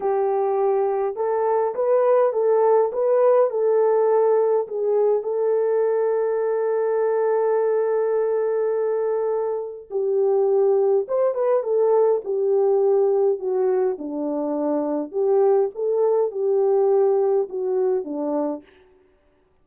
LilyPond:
\new Staff \with { instrumentName = "horn" } { \time 4/4 \tempo 4 = 103 g'2 a'4 b'4 | a'4 b'4 a'2 | gis'4 a'2.~ | a'1~ |
a'4 g'2 c''8 b'8 | a'4 g'2 fis'4 | d'2 g'4 a'4 | g'2 fis'4 d'4 | }